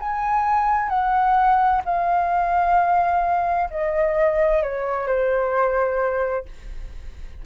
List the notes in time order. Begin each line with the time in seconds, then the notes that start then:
0.00 G#5
0.89 F#5
1.85 F5
3.70 D#5
4.63 C#5
5.07 C5